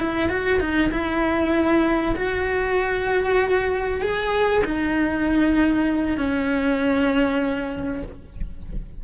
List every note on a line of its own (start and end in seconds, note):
0.00 0.29 E4
0.29 0.60 F#4
0.60 0.91 D#4
0.91 2.15 E4
2.16 4.01 F#4
4.01 4.63 G#4
4.64 6.17 D#4
6.17 8.02 C#4